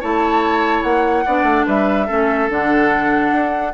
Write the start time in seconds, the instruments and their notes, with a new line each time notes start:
0.00 bassoon A3, clarinet E4, oboe C#5, flute A5
0.82 bassoon A#3, flute F#5
1.25 bassoon B3, clarinet D4, oboe D5
1.43 bassoon A3
1.66 bassoon G3, oboe B4, flute E5
2.06 bassoon A3, clarinet C#4, oboe A4
2.49 bassoon D3, clarinet D4, flute F#5
3.32 bassoon D4